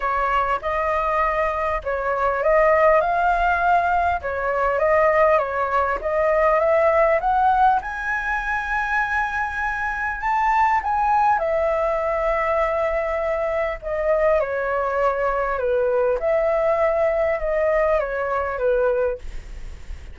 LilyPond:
\new Staff \with { instrumentName = "flute" } { \time 4/4 \tempo 4 = 100 cis''4 dis''2 cis''4 | dis''4 f''2 cis''4 | dis''4 cis''4 dis''4 e''4 | fis''4 gis''2.~ |
gis''4 a''4 gis''4 e''4~ | e''2. dis''4 | cis''2 b'4 e''4~ | e''4 dis''4 cis''4 b'4 | }